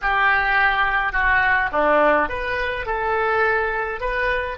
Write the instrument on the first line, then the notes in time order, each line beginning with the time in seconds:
oboe
0.01 G4
1.12 F#4
1.71 D4
2.29 B4
2.86 A4
4.00 B4